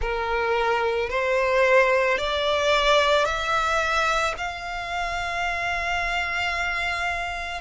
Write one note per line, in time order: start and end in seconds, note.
0.00 1.09 A#4
1.09 2.18 C5
2.18 3.25 D5
3.25 4.34 E5
4.37 7.61 F5